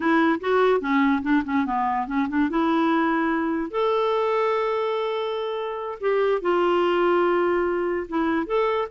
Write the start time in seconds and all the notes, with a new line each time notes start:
0.00 E4
0.40 F#4
0.80 C#4
1.22 D4
1.44 C#4
1.65 B3
2.07 C#4
2.29 D4
2.49 E4
3.71 A4
6.00 G4
6.41 F4
8.08 E4
8.46 A4